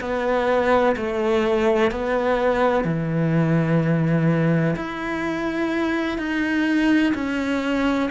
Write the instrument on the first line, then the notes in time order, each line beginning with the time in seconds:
cello
0.00 B3
0.96 A3
1.91 B3
2.84 E3
4.76 E4
6.18 D#4
7.14 C#4